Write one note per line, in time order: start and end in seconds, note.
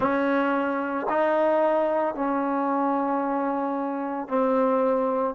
0.00 1.06 C#4
1.09 2.14 D#4
2.14 4.28 C#4
4.28 5.34 C4